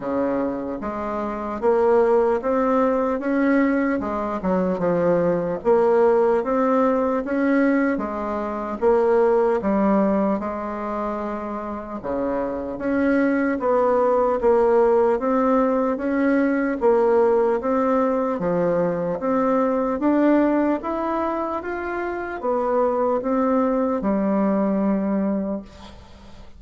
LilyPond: \new Staff \with { instrumentName = "bassoon" } { \time 4/4 \tempo 4 = 75 cis4 gis4 ais4 c'4 | cis'4 gis8 fis8 f4 ais4 | c'4 cis'4 gis4 ais4 | g4 gis2 cis4 |
cis'4 b4 ais4 c'4 | cis'4 ais4 c'4 f4 | c'4 d'4 e'4 f'4 | b4 c'4 g2 | }